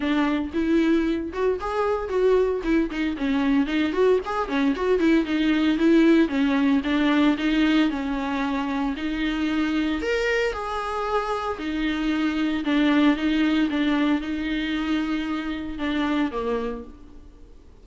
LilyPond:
\new Staff \with { instrumentName = "viola" } { \time 4/4 \tempo 4 = 114 d'4 e'4. fis'8 gis'4 | fis'4 e'8 dis'8 cis'4 dis'8 fis'8 | gis'8 cis'8 fis'8 e'8 dis'4 e'4 | cis'4 d'4 dis'4 cis'4~ |
cis'4 dis'2 ais'4 | gis'2 dis'2 | d'4 dis'4 d'4 dis'4~ | dis'2 d'4 ais4 | }